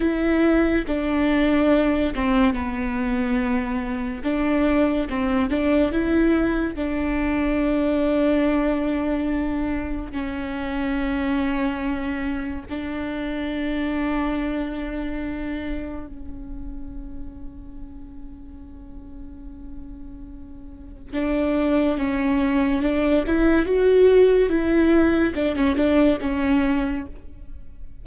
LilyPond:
\new Staff \with { instrumentName = "viola" } { \time 4/4 \tempo 4 = 71 e'4 d'4. c'8 b4~ | b4 d'4 c'8 d'8 e'4 | d'1 | cis'2. d'4~ |
d'2. cis'4~ | cis'1~ | cis'4 d'4 cis'4 d'8 e'8 | fis'4 e'4 d'16 cis'16 d'8 cis'4 | }